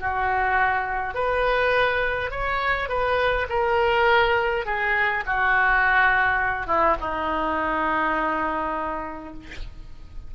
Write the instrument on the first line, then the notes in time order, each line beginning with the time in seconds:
oboe
0.00 F#4
1.15 B4
2.31 C#5
2.89 B4
3.50 A#4
4.66 G#4
5.26 F#4
6.67 E4
7.01 D#4